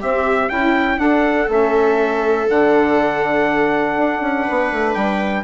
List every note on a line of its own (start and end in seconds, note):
0.00 0.49 C4
0.00 0.50 C4
0.00 0.50 G4
0.00 0.49 E5
0.49 0.98 C#4
0.49 0.96 E4
0.49 1.01 E4
0.49 0.99 G5
0.96 1.46 D4
0.96 1.48 D4
0.96 4.43 A4
0.96 1.48 F#5
1.48 2.48 A3
1.48 2.47 C#4
1.48 2.50 E5
2.47 3.97 D3
2.47 5.44 D4
2.47 4.94 F#5
3.97 4.21 D4
4.21 4.46 C#4
4.43 5.42 B4
4.50 4.72 B3
4.72 4.95 A3
4.94 5.44 G3
4.94 5.44 G5